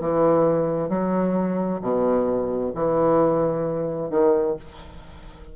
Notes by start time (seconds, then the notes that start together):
0.00 E3
0.89 F#3
1.81 B2
2.75 E3
4.10 D#3